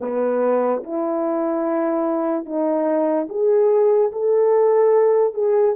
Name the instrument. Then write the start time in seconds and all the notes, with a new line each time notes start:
horn
0.00 B3
0.83 E4
2.45 D#4
3.29 G#4
4.12 A4
5.33 G#4